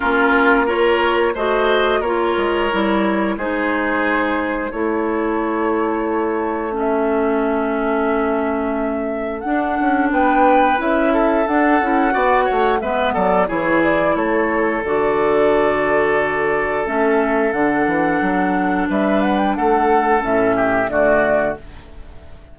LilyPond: <<
  \new Staff \with { instrumentName = "flute" } { \time 4/4 \tempo 4 = 89 ais'4 cis''4 dis''4 cis''4~ | cis''4 c''2 cis''4~ | cis''2 e''2~ | e''2 fis''4 g''4 |
e''4 fis''2 e''8 d''8 | cis''8 d''8 cis''4 d''2~ | d''4 e''4 fis''2 | e''8 fis''16 g''16 fis''4 e''4 d''4 | }
  \new Staff \with { instrumentName = "oboe" } { \time 4/4 f'4 ais'4 c''4 ais'4~ | ais'4 gis'2 a'4~ | a'1~ | a'2. b'4~ |
b'8 a'4. d''8 cis''8 b'8 a'8 | gis'4 a'2.~ | a'1 | b'4 a'4. g'8 fis'4 | }
  \new Staff \with { instrumentName = "clarinet" } { \time 4/4 cis'4 f'4 fis'4 f'4 | e'4 dis'2 e'4~ | e'2 cis'2~ | cis'2 d'2 |
e'4 d'8 e'8 fis'4 b4 | e'2 fis'2~ | fis'4 cis'4 d'2~ | d'2 cis'4 a4 | }
  \new Staff \with { instrumentName = "bassoon" } { \time 4/4 ais2 a4 ais8 gis8 | g4 gis2 a4~ | a1~ | a2 d'8 cis'8 b4 |
cis'4 d'8 cis'8 b8 a8 gis8 fis8 | e4 a4 d2~ | d4 a4 d8 e8 fis4 | g4 a4 a,4 d4 | }
>>